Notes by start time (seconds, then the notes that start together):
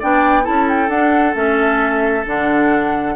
0.00 B3 D4 D5 G5
0.43 C#4 E4 A4 A5
0.69 G5
0.89 D4 F#5
1.34 A3 C#4 E5
2.27 D3 D4 F#5